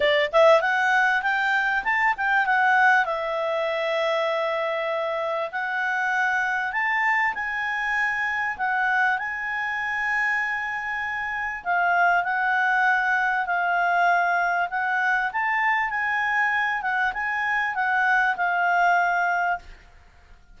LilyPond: \new Staff \with { instrumentName = "clarinet" } { \time 4/4 \tempo 4 = 98 d''8 e''8 fis''4 g''4 a''8 g''8 | fis''4 e''2.~ | e''4 fis''2 a''4 | gis''2 fis''4 gis''4~ |
gis''2. f''4 | fis''2 f''2 | fis''4 a''4 gis''4. fis''8 | gis''4 fis''4 f''2 | }